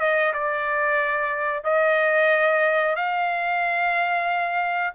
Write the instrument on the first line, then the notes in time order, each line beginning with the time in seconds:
trumpet
0.00 D#5
0.34 D5
1.64 D#5
2.96 F5